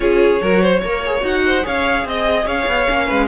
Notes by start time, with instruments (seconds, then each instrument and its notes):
0.00 cello C#4, viola F4, violin G#4 C#5
0.41 cello F#3, viola F#4, violin A#4
0.61 violin C5
0.80 cello A#3, viola A#4, violin C#5
1.05 viola G#4
1.20 cello D#4, viola F#4, violin F#5
1.46 violin C5
1.62 cello C#4, viola G#4, violin C#5 F5
2.04 cello C4, violin D#5
2.45 cello C#4, violin C#5 F5
2.67 cello B3
2.87 cello A#3, viola C#4
3.06 cello G#3, violin B4